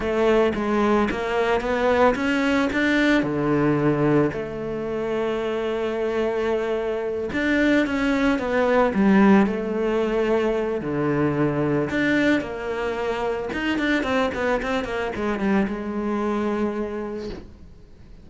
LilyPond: \new Staff \with { instrumentName = "cello" } { \time 4/4 \tempo 4 = 111 a4 gis4 ais4 b4 | cis'4 d'4 d2 | a1~ | a4. d'4 cis'4 b8~ |
b8 g4 a2~ a8 | d2 d'4 ais4~ | ais4 dis'8 d'8 c'8 b8 c'8 ais8 | gis8 g8 gis2. | }